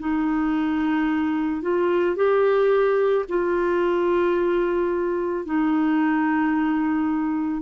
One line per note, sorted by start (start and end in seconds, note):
0.00 1.62 D#4
1.62 2.16 F4
2.16 3.25 G4
3.29 5.45 F4
5.45 7.63 D#4